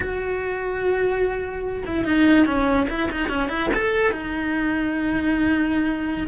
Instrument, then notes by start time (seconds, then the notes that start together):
cello
0.00 F#4
1.86 E4
2.05 D#4
2.46 C#4
2.89 E4
3.11 D#4
3.28 C#4
3.49 E4
3.74 A4
4.11 D#4